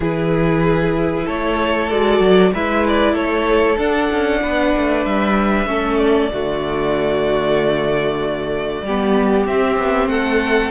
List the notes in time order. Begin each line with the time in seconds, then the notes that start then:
0.00 E3 E4 G#4 B4
1.25 A3 A4 C#5
1.89 G#3 F#4 D5
2.20 F#3
2.53 G#3 E4 B4 E5
2.87 D5
3.13 A3 A4 C#5
3.78 D4 F#5
4.11 C#4
4.42 B3 B4
4.77 A3
5.05 G3 E5
5.66 A3 C#4 A4
5.98 D5
6.32 D3 A3 F#4
8.82 G3 G4
8.88 B3
9.45 C4 E5
9.77 B3
10.06 A3 A4 F#5